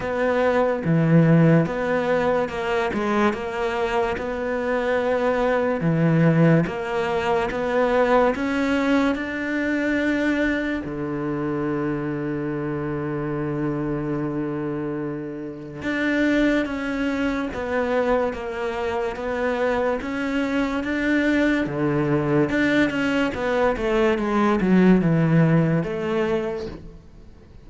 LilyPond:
\new Staff \with { instrumentName = "cello" } { \time 4/4 \tempo 4 = 72 b4 e4 b4 ais8 gis8 | ais4 b2 e4 | ais4 b4 cis'4 d'4~ | d'4 d2.~ |
d2. d'4 | cis'4 b4 ais4 b4 | cis'4 d'4 d4 d'8 cis'8 | b8 a8 gis8 fis8 e4 a4 | }